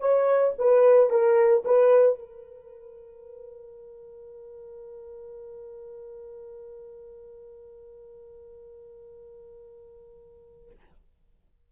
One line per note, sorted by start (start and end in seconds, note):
0.00 0.54 C#5
0.59 1.10 B4
1.10 1.64 A#4
1.65 2.19 B4
2.19 10.70 A#4